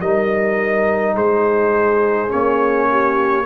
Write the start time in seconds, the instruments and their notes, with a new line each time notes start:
0.00 tuba G3, trombone D#4, horn A#4, trumpet D#5
1.15 tuba G#3, horn G#4, trumpet C5
2.28 tuba A#3, trombone C#4, trumpet C#5
2.90 horn G4